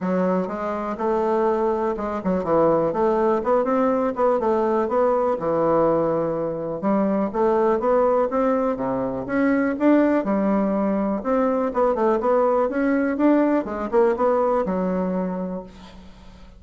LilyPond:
\new Staff \with { instrumentName = "bassoon" } { \time 4/4 \tempo 4 = 123 fis4 gis4 a2 | gis8 fis8 e4 a4 b8 c'8~ | c'8 b8 a4 b4 e4~ | e2 g4 a4 |
b4 c'4 c4 cis'4 | d'4 g2 c'4 | b8 a8 b4 cis'4 d'4 | gis8 ais8 b4 fis2 | }